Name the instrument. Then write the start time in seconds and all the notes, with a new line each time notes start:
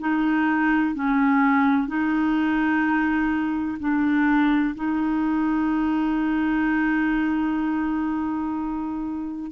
clarinet
0.00 D#4
0.95 C#4
1.88 D#4
3.80 D4
4.76 D#4